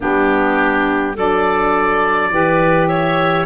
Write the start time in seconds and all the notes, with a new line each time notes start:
0.00 G3 B3 D4 G4
1.14 F#3 D4 A4 D5
2.30 E3 G4 B4
2.87 C#5 E5